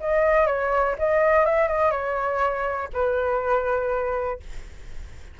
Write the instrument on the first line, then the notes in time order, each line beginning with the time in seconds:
flute
0.00 D#5
0.46 C#5
0.98 D#5
1.45 E5
1.68 D#5
1.91 C#5
2.93 B4